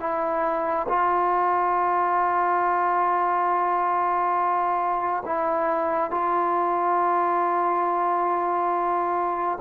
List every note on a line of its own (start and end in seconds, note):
0.00 0.87 E4
0.89 5.24 F4
5.26 6.11 E4
6.11 9.58 F4